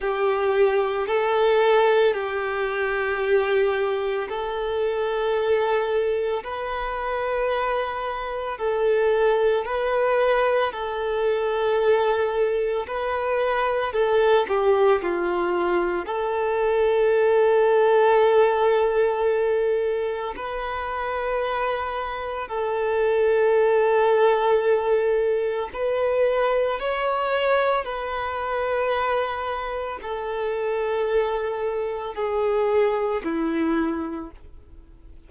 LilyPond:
\new Staff \with { instrumentName = "violin" } { \time 4/4 \tempo 4 = 56 g'4 a'4 g'2 | a'2 b'2 | a'4 b'4 a'2 | b'4 a'8 g'8 f'4 a'4~ |
a'2. b'4~ | b'4 a'2. | b'4 cis''4 b'2 | a'2 gis'4 e'4 | }